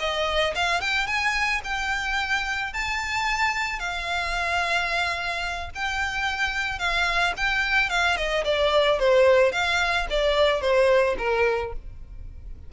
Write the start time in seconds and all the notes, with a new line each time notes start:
0.00 D#5
0.56 F5
0.81 G5
1.07 G#5
1.65 G5
2.74 A5
3.79 F5
5.75 G5
6.79 F5
7.37 G5
7.90 F5
8.17 D#5
8.45 D5
9.00 C5
9.53 F5
10.10 D5
10.61 C5
11.18 A#4